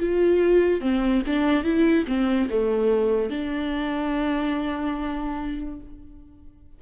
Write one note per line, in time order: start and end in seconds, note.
0.00 0.81 F4
0.81 1.23 C4
1.27 1.64 D4
1.64 2.06 E4
2.08 2.49 C4
2.50 3.31 A3
3.31 5.81 D4